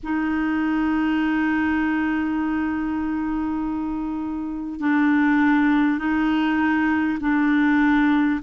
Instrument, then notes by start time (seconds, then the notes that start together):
clarinet
0.03 D#4
4.79 D4
5.98 D#4
7.20 D4